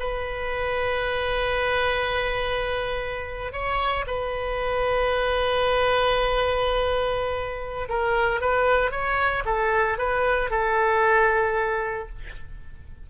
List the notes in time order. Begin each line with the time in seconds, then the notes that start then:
0.00 B4
3.53 C#5
4.07 B4
7.89 A#4
8.41 B4
8.91 C#5
9.45 A4
9.98 B4
10.51 A4